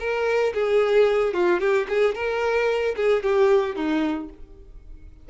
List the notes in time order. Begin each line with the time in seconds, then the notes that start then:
0.00 A#4
0.54 G#4
1.34 F4
1.60 G4
1.89 G#4
2.15 A#4
2.96 G#4
3.23 G4
3.76 D#4